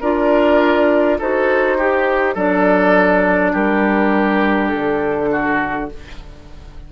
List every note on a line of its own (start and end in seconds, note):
0.00 1.19 D4
0.00 1.20 F4
0.00 1.18 A#4
0.00 1.19 D5
1.18 2.35 D#4
1.18 1.79 F#4
1.18 1.77 A4
1.18 2.36 C5
1.77 2.34 G4
1.77 2.36 G4
2.34 3.53 F#3
2.34 5.89 D4
2.34 3.52 A4
2.34 3.54 D5
3.52 4.72 G3
3.52 5.29 G4
3.52 4.67 A#4
4.67 5.85 A4
4.74 5.92 D3
5.31 5.90 F#4